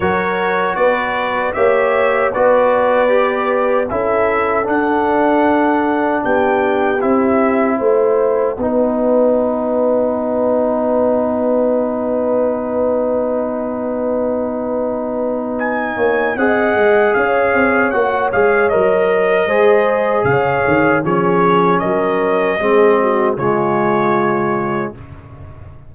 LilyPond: <<
  \new Staff \with { instrumentName = "trumpet" } { \time 4/4 \tempo 4 = 77 cis''4 d''4 e''4 d''4~ | d''4 e''4 fis''2 | g''4 e''4 fis''2~ | fis''1~ |
fis''1 | gis''4 fis''4 f''4 fis''8 f''8 | dis''2 f''4 cis''4 | dis''2 cis''2 | }
  \new Staff \with { instrumentName = "horn" } { \time 4/4 ais'4 b'4 cis''4 b'4~ | b'4 a'2. | g'2 c''4 b'4~ | b'1~ |
b'1~ | b'8 cis''8 dis''4 cis''2~ | cis''4 c''4 cis''4 gis'4 | ais'4 gis'8 fis'8 f'2 | }
  \new Staff \with { instrumentName = "trombone" } { \time 4/4 fis'2 g'4 fis'4 | g'4 e'4 d'2~ | d'4 e'2 dis'4~ | dis'1~ |
dis'1~ | dis'4 gis'2 fis'8 gis'8 | ais'4 gis'2 cis'4~ | cis'4 c'4 gis2 | }
  \new Staff \with { instrumentName = "tuba" } { \time 4/4 fis4 b4 ais4 b4~ | b4 cis'4 d'2 | b4 c'4 a4 b4~ | b1~ |
b1~ | b8 ais8 c'8 gis8 cis'8 c'8 ais8 gis8 | fis4 gis4 cis8 dis8 f4 | fis4 gis4 cis2 | }
>>